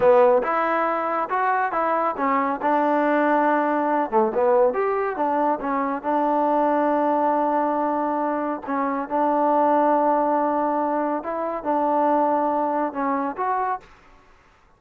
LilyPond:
\new Staff \with { instrumentName = "trombone" } { \time 4/4 \tempo 4 = 139 b4 e'2 fis'4 | e'4 cis'4 d'2~ | d'4. a8 b4 g'4 | d'4 cis'4 d'2~ |
d'1 | cis'4 d'2.~ | d'2 e'4 d'4~ | d'2 cis'4 fis'4 | }